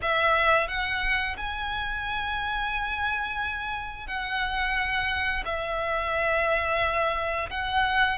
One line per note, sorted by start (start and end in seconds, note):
0.02 0.68 E5
0.68 1.36 F#5
1.37 4.07 G#5
4.07 5.43 F#5
5.45 7.49 E5
7.50 8.18 F#5